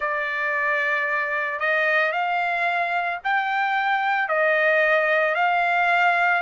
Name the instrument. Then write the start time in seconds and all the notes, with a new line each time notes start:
trumpet
0.00 D5
1.59 D#5
2.12 F5
3.23 G5
4.28 D#5
5.35 F5